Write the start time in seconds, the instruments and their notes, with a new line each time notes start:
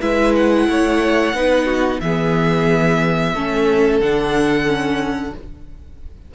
0.00 cello G#3, viola E4, violin B4 E5
0.35 violin F#5
0.68 cello A3, violin C#5
1.33 cello B3, viola D#4, violin B4
1.65 violin F#4
2.00 cello E3, viola B3, violin G#4 E5
3.34 cello A3, viola C#4, violin A4
3.99 cello D3, viola D4, violin F#5
4.65 viola C#4